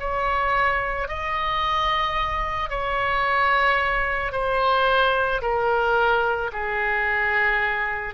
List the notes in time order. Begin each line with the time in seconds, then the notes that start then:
0.00 C#5
1.09 D#5
2.70 C#5
4.32 C5
5.42 A#4
6.53 G#4